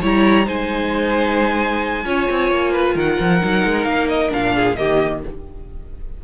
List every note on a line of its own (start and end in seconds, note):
0.00 0.47 G3
0.00 0.44 E4
0.00 0.45 C#5
0.00 0.48 A#5
0.44 2.05 G#3
0.44 2.03 D#4
0.44 2.05 C5
0.44 2.98 G#5
2.04 2.27 C#4
2.04 3.40 F4
2.04 2.72 C#5
2.30 2.50 C4
2.50 2.95 A#3
2.72 2.95 B4
2.95 3.18 D#3
2.95 4.54 A#4
2.95 3.84 F#5
3.19 3.42 F3
3.41 3.65 F#3
3.41 4.29 D#4
3.65 3.85 G#3
3.84 4.30 A#3
3.84 4.07 F5
4.08 4.31 D#5
4.29 4.78 A#2
4.29 4.74 D4
4.29 4.75 F5
4.54 4.77 G#4
4.75 5.24 D#3
4.75 5.23 A#3
4.75 5.24 G4
4.75 5.21 D#5